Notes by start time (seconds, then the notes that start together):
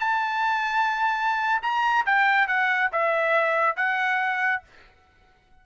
0.00 A5
1.62 A#5
2.06 G5
2.48 F#5
2.92 E5
3.76 F#5